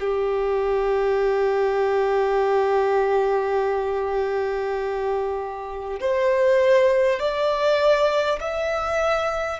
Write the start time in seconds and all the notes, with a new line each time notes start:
0.00 G4
6.01 C5
7.19 D5
8.40 E5